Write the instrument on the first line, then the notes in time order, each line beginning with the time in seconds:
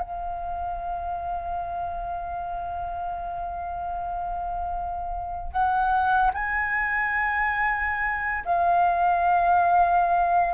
flute
0.00 F5
5.52 F#5
6.33 G#5
8.45 F5